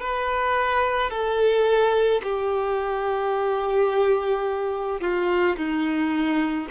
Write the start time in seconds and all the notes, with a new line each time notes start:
0.00 B4
1.10 A4
2.23 G4
5.01 F4
5.56 D#4